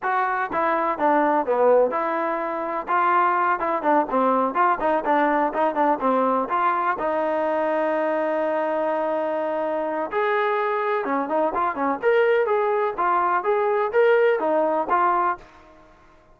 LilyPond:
\new Staff \with { instrumentName = "trombone" } { \time 4/4 \tempo 4 = 125 fis'4 e'4 d'4 b4 | e'2 f'4. e'8 | d'8 c'4 f'8 dis'8 d'4 dis'8 | d'8 c'4 f'4 dis'4.~ |
dis'1~ | dis'4 gis'2 cis'8 dis'8 | f'8 cis'8 ais'4 gis'4 f'4 | gis'4 ais'4 dis'4 f'4 | }